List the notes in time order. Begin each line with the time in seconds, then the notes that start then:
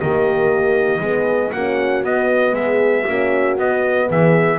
0.00 D#3 A#3 G4 D#5
0.99 G#3 B3 G#4
1.52 A#3 C#4 F#4 F#5
2.04 B3 D#5
2.52 G#3 G#4 E5
3.05 A#3 C#4 F#4
3.58 B3 D#5
4.09 E3 G#4 E5